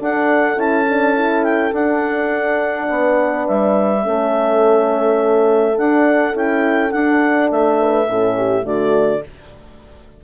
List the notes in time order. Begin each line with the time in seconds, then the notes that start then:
0.00 D4 A4 F#5
0.56 C#4 E4 A5
0.89 D4
1.14 E4
1.44 G5
1.72 D4 F#5
2.89 B3 B4
3.47 G3 E5
4.02 A3 C#4 A4
5.77 D4 F#5
6.32 C#4 E4 G5
6.91 D4 F#5
7.51 A3 E5
7.80 B4
8.07 A2 C#4 A4
8.37 G4
8.62 D3 A3 F#4 D5